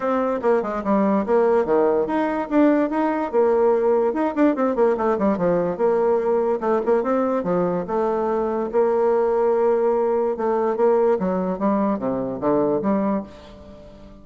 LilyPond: \new Staff \with { instrumentName = "bassoon" } { \time 4/4 \tempo 4 = 145 c'4 ais8 gis8 g4 ais4 | dis4 dis'4 d'4 dis'4 | ais2 dis'8 d'8 c'8 ais8 | a8 g8 f4 ais2 |
a8 ais8 c'4 f4 a4~ | a4 ais2.~ | ais4 a4 ais4 fis4 | g4 c4 d4 g4 | }